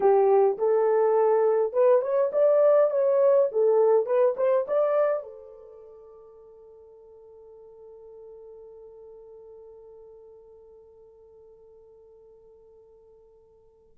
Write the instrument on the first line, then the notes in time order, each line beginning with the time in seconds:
horn
0.00 G4
0.57 A4
1.72 B4
2.01 C#5
2.32 D5
2.90 C#5
3.51 A4
4.06 B4
4.37 C5
4.67 D5
5.22 A4